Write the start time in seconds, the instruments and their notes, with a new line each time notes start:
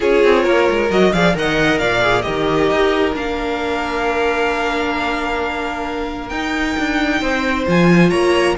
0.00 cello C#4, viola F4, violin G#4 C#5
0.24 cello C4
0.43 cello A#3, violin A#4
0.70 cello G#3
0.90 cello F#3, viola F#4, violin D#5
1.13 cello F3, viola G#4, violin D5 F5
1.34 cello D#3, viola A#4, violin D#5 F#5
1.78 cello A#2, violin D5 F5
2.01 viola G#4
2.21 cello D#3, viola G4, violin A#4 D#5
2.70 cello D#4
3.14 cello A#3, viola D4, violin F5
6.28 cello D#4, viola D#4, violin G5
6.78 cello D4
7.20 cello C4, violin C5
7.66 cello F3, viola F4, violin G#5
8.09 cello A#3, violin C#5 A#5